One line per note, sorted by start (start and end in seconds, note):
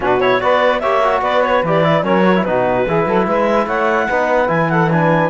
0.00 0.40 B2
0.00 0.19 D4
0.00 0.39 F#4
0.00 0.20 B4
0.20 0.41 E4
0.20 0.40 C#5
0.40 0.82 B3
0.40 0.81 F#4
0.40 0.80 B4
0.40 0.80 D5
0.80 1.21 A#3
0.80 1.02 G4
0.80 1.21 C#5
0.80 1.21 E5
1.03 1.65 F#4
1.21 1.62 B3
1.21 2.03 B4
1.21 1.42 D5
1.43 1.63 C#5
1.63 2.03 E3
1.63 1.83 G4
1.63 2.03 D5
1.83 2.03 E4
2.03 2.43 F#3
2.03 2.23 C#4
2.03 2.44 A#4
2.03 2.44 C#5
2.24 2.34 F#4
2.35 2.45 E4
2.44 2.86 B2
2.44 2.87 D#4
2.44 2.86 F#4
2.44 3.25 B4
2.86 3.06 E3
2.86 4.10 E4
2.86 3.06 G#4
3.06 3.26 F#3
3.06 3.26 A4
3.26 3.66 G#3
3.26 3.65 B4
3.26 3.67 E5
3.65 4.07 A3
3.65 4.06 C#5
3.65 4.49 F#5
4.08 4.48 B3
4.08 4.47 D#4
4.08 4.69 B4
4.47 5.29 E3
4.47 4.87 E4
4.47 4.69 G#5
4.69 4.91 A4
4.69 4.90 F#5
4.91 5.29 D4
4.91 5.29 B4
4.91 5.29 G#5